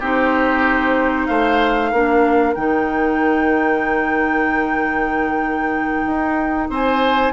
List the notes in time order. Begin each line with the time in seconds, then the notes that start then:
0.00 C4 D#4 G4 C5
1.27 A3 C5 F5
1.91 A#3 D4 A#4
2.55 D#3 D#4 G5
6.07 D#4
6.70 C4 C5 G#5